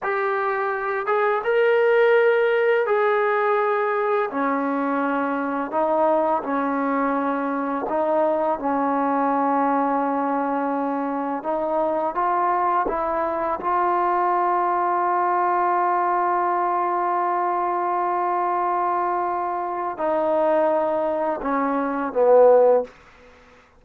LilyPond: \new Staff \with { instrumentName = "trombone" } { \time 4/4 \tempo 4 = 84 g'4. gis'8 ais'2 | gis'2 cis'2 | dis'4 cis'2 dis'4 | cis'1 |
dis'4 f'4 e'4 f'4~ | f'1~ | f'1 | dis'2 cis'4 b4 | }